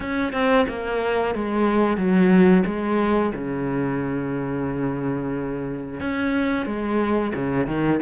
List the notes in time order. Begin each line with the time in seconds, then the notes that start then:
0.00 C#4
0.32 C4
0.68 A#3
1.35 G#3
1.97 F#3
2.66 G#3
3.34 C#3
6.00 C#4
6.65 G#3
7.34 C#3
7.66 D#3